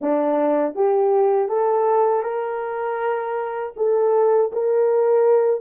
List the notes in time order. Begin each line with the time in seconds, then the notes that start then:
0.01 D4
0.74 G4
1.48 A4
2.22 A#4
3.76 A4
4.52 A#4